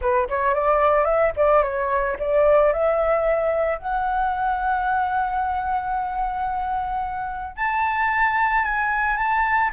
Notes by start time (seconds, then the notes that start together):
0.01 B4
0.29 C#5
0.54 D5
1.04 E5
1.36 D5
1.62 C#5
2.19 D5
2.72 E5
3.78 F#5
7.56 A5
8.64 G#5
9.16 A5